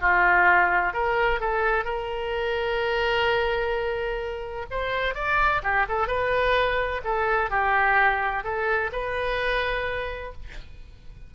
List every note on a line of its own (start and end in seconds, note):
0.00 0.93 F4
0.93 1.40 A#4
1.40 1.84 A4
1.84 4.65 A#4
4.70 5.14 C5
5.14 5.61 D5
5.62 5.86 G4
5.88 6.07 A4
6.07 7.01 B4
7.04 7.50 A4
7.50 8.44 G4
8.44 8.90 A4
8.92 10.32 B4